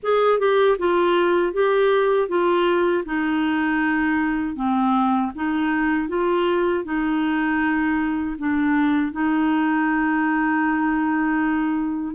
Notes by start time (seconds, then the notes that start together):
0.02 G#4
0.39 G4
0.78 F4
1.53 G4
2.28 F4
3.05 D#4
4.55 C4
5.35 D#4
6.08 F4
6.84 D#4
8.38 D4
9.11 D#4